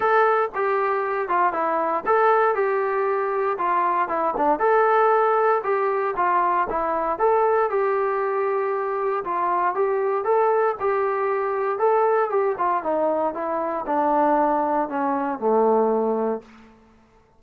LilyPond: \new Staff \with { instrumentName = "trombone" } { \time 4/4 \tempo 4 = 117 a'4 g'4. f'8 e'4 | a'4 g'2 f'4 | e'8 d'8 a'2 g'4 | f'4 e'4 a'4 g'4~ |
g'2 f'4 g'4 | a'4 g'2 a'4 | g'8 f'8 dis'4 e'4 d'4~ | d'4 cis'4 a2 | }